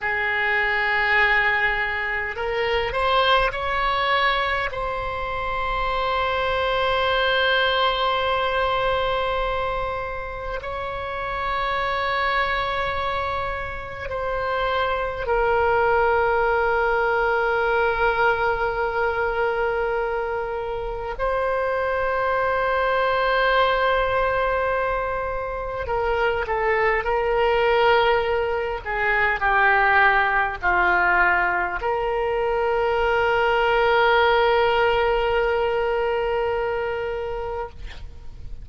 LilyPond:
\new Staff \with { instrumentName = "oboe" } { \time 4/4 \tempo 4 = 51 gis'2 ais'8 c''8 cis''4 | c''1~ | c''4 cis''2. | c''4 ais'2.~ |
ais'2 c''2~ | c''2 ais'8 a'8 ais'4~ | ais'8 gis'8 g'4 f'4 ais'4~ | ais'1 | }